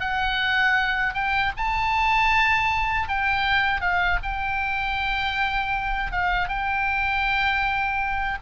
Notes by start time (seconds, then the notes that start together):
0.00 F#5
1.14 G5
1.57 A5
3.08 G5
3.80 F5
4.23 G5
6.11 F5
6.48 G5